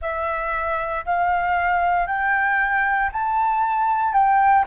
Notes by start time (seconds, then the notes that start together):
0.01 E5
1.05 F5
2.06 G5
3.12 A5
4.13 G5